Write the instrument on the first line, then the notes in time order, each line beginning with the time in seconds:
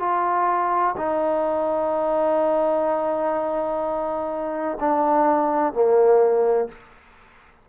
trombone
0.00 F4
0.97 D#4
4.81 D4
5.74 A#3